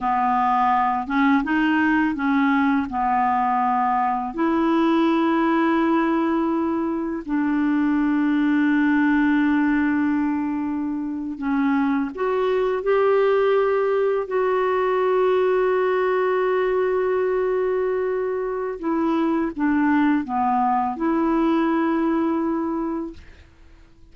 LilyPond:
\new Staff \with { instrumentName = "clarinet" } { \time 4/4 \tempo 4 = 83 b4. cis'8 dis'4 cis'4 | b2 e'2~ | e'2 d'2~ | d'2.~ d'8. cis'16~ |
cis'8. fis'4 g'2 fis'16~ | fis'1~ | fis'2 e'4 d'4 | b4 e'2. | }